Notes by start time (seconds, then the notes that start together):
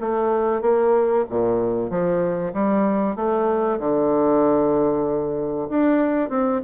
0.00 A3
0.61 A#3
1.29 A#2
1.90 F3
2.53 G3
3.16 A3
3.79 D3
5.69 D4
6.29 C4